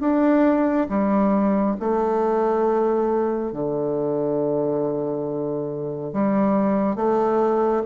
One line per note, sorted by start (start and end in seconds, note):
0.00 0.87 D4
0.89 1.76 G3
1.79 3.52 A3
3.52 6.13 D3
6.13 6.96 G3
6.96 7.83 A3